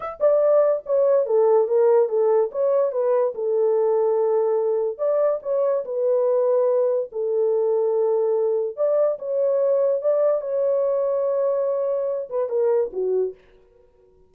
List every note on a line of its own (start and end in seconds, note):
0.00 0.19 E5
0.20 0.82 D5
0.85 1.26 C#5
1.26 1.67 A4
1.67 2.08 A#4
2.08 2.50 A4
2.51 2.92 C#5
2.92 3.33 B4
3.34 4.98 A4
4.98 5.39 D5
5.42 5.84 C#5
5.84 7.09 B4
7.12 8.76 A4
8.76 9.18 D5
9.18 10.01 C#5
10.01 10.41 D5
10.41 12.28 C#5
12.29 12.49 B4
12.49 12.90 A#4
12.92 13.34 F#4